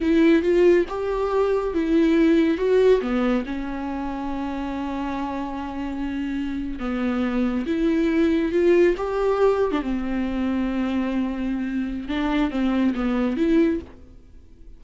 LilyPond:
\new Staff \with { instrumentName = "viola" } { \time 4/4 \tempo 4 = 139 e'4 f'4 g'2 | e'2 fis'4 b4 | cis'1~ | cis'2.~ cis'8. b16~ |
b4.~ b16 e'2 f'16~ | f'8. g'4.~ g'16 d'16 c'4~ c'16~ | c'1 | d'4 c'4 b4 e'4 | }